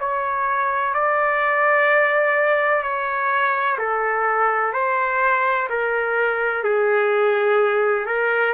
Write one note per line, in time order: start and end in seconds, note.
0.00 0.94 C#5
0.94 2.84 D5
2.84 3.79 C#5
3.79 4.74 A4
4.74 5.69 C5
5.70 6.64 A#4
6.64 8.06 G#4
8.06 8.54 A#4